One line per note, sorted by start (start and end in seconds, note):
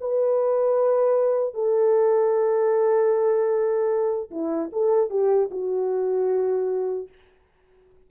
0.00 1.54 B4
1.54 4.30 A4
4.30 4.70 E4
4.72 5.10 A4
5.10 5.49 G4
5.50 7.08 F#4